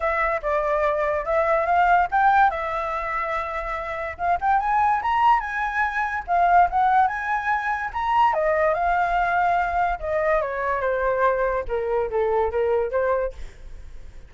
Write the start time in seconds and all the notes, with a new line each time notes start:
0.00 E5
0.41 D5
1.25 E5
1.66 F5
2.11 G5
2.50 E5
4.17 F5
4.40 G5
4.59 G#5
5.02 A#5
5.40 G#5
6.27 F5
6.70 F#5
7.07 G#5
7.93 A#5
8.33 D#5
8.74 F5
9.99 D#5
10.41 C#5
10.80 C5
11.68 A#4
12.10 A4
12.51 A#4
12.91 C5